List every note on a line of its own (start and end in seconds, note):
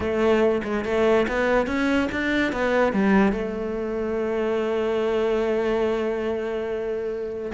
0.00 0.61 A3
0.63 0.84 G#3
0.84 1.26 A3
1.27 1.66 B3
1.66 2.08 C#4
2.11 2.52 D4
2.52 2.93 B3
2.93 3.32 G3
3.32 7.51 A3